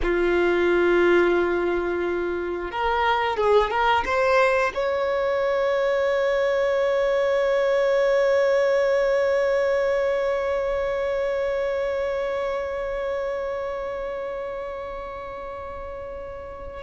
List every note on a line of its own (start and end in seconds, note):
0.02 2.71 F4
2.71 3.36 A#4
3.36 3.70 G#4
3.70 4.04 A#4
4.05 4.72 C5
4.74 16.83 C#5